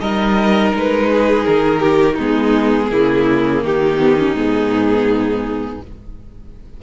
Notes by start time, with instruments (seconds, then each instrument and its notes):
0.00 cello G3, viola D#4, violin A#4 D#5
0.74 cello G#3, violin B4
1.12 violin G#4
1.44 cello D#3, violin A#4
1.80 violin G4
2.15 cello G#3, viola B3, violin D#4
2.21 violin G#4
2.91 cello C#3, viola A#3, violin E4
3.64 cello D#3, violin D#4 G4
3.99 viola B3
4.18 viola C#4
4.33 cello G#2, viola B3, violin G#4